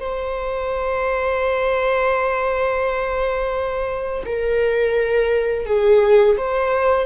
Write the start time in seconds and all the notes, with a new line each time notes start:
0.00 C5
4.25 A#4
5.66 G#4
6.38 C5